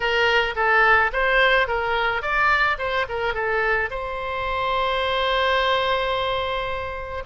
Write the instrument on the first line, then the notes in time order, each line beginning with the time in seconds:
oboe
0.00 A#4
0.55 A4
1.12 C5
1.67 A#4
2.21 D5
2.78 C5
3.08 A#4
3.34 A4
3.90 C5